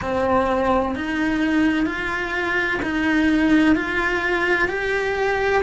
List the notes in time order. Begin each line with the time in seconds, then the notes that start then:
0.01 C4
0.95 D#4
1.86 F4
2.82 D#4
3.75 F4
4.68 G4